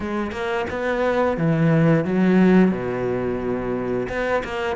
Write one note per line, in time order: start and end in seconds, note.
0.00 0.31 G#3
0.31 0.65 A#3
0.70 1.37 B3
1.37 2.05 E3
2.05 2.71 F#3
2.71 4.07 B2
4.08 4.42 B3
4.43 4.75 A#3